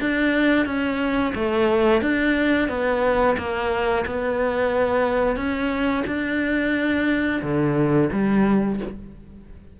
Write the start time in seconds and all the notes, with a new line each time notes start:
0.00 D4
0.66 C#4
1.35 A3
2.01 D4
2.68 B3
3.37 A#3
4.06 B3
5.36 C#4
6.07 D4
7.42 D3
8.12 G3